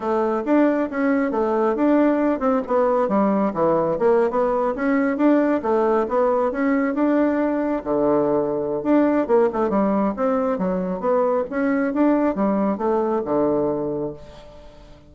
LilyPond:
\new Staff \with { instrumentName = "bassoon" } { \time 4/4 \tempo 4 = 136 a4 d'4 cis'4 a4 | d'4. c'8 b4 g4 | e4 ais8. b4 cis'4 d'16~ | d'8. a4 b4 cis'4 d'16~ |
d'4.~ d'16 d2~ d16 | d'4 ais8 a8 g4 c'4 | fis4 b4 cis'4 d'4 | g4 a4 d2 | }